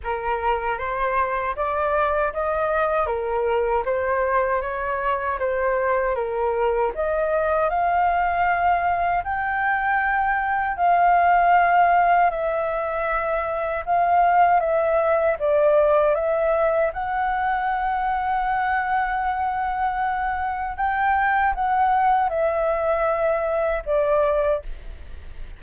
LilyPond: \new Staff \with { instrumentName = "flute" } { \time 4/4 \tempo 4 = 78 ais'4 c''4 d''4 dis''4 | ais'4 c''4 cis''4 c''4 | ais'4 dis''4 f''2 | g''2 f''2 |
e''2 f''4 e''4 | d''4 e''4 fis''2~ | fis''2. g''4 | fis''4 e''2 d''4 | }